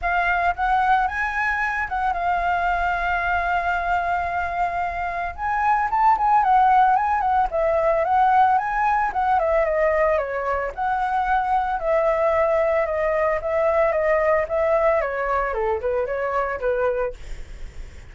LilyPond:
\new Staff \with { instrumentName = "flute" } { \time 4/4 \tempo 4 = 112 f''4 fis''4 gis''4. fis''8 | f''1~ | f''2 gis''4 a''8 gis''8 | fis''4 gis''8 fis''8 e''4 fis''4 |
gis''4 fis''8 e''8 dis''4 cis''4 | fis''2 e''2 | dis''4 e''4 dis''4 e''4 | cis''4 a'8 b'8 cis''4 b'4 | }